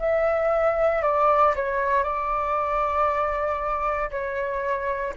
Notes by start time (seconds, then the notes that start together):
0.00 E5
1.03 D5
1.56 C#5
2.04 D5
4.11 C#5